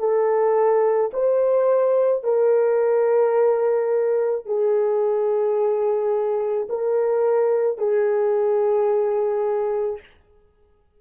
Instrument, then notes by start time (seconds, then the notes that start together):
horn
0.00 A4
1.14 C5
2.24 A#4
4.46 G#4
6.70 A#4
7.79 G#4